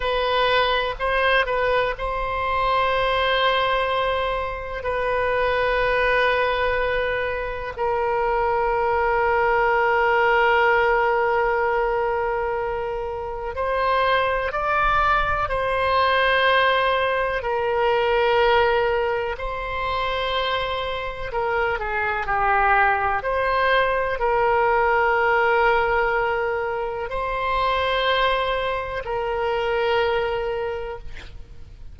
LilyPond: \new Staff \with { instrumentName = "oboe" } { \time 4/4 \tempo 4 = 62 b'4 c''8 b'8 c''2~ | c''4 b'2. | ais'1~ | ais'2 c''4 d''4 |
c''2 ais'2 | c''2 ais'8 gis'8 g'4 | c''4 ais'2. | c''2 ais'2 | }